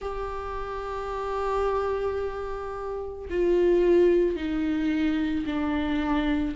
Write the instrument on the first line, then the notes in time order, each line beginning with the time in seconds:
viola
0.01 G4
3.30 F4
4.36 D#4
5.45 D4